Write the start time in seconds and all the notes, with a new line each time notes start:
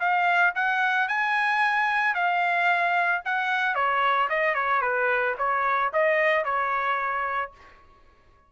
0.00 F5
0.56 F#5
1.08 G#5
2.15 F5
3.25 F#5
3.75 C#5
4.30 D#5
4.55 C#5
4.82 B4
5.38 C#5
5.93 D#5
6.45 C#5